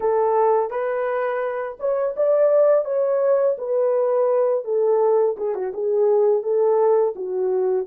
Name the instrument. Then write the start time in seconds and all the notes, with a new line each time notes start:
horn
0.00 A4
0.70 B4
1.79 C#5
2.16 D5
2.84 C#5
3.58 B4
4.64 A4
5.37 G#4
5.54 F#4
5.73 G#4
6.42 A4
7.15 F#4